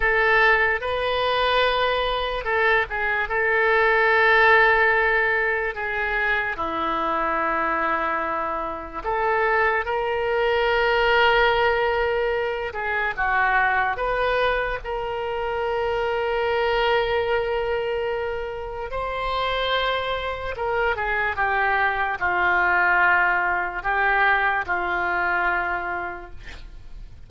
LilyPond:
\new Staff \with { instrumentName = "oboe" } { \time 4/4 \tempo 4 = 73 a'4 b'2 a'8 gis'8 | a'2. gis'4 | e'2. a'4 | ais'2.~ ais'8 gis'8 |
fis'4 b'4 ais'2~ | ais'2. c''4~ | c''4 ais'8 gis'8 g'4 f'4~ | f'4 g'4 f'2 | }